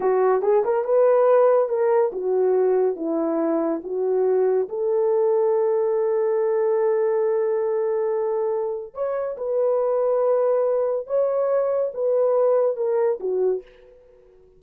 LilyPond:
\new Staff \with { instrumentName = "horn" } { \time 4/4 \tempo 4 = 141 fis'4 gis'8 ais'8 b'2 | ais'4 fis'2 e'4~ | e'4 fis'2 a'4~ | a'1~ |
a'1~ | a'4 cis''4 b'2~ | b'2 cis''2 | b'2 ais'4 fis'4 | }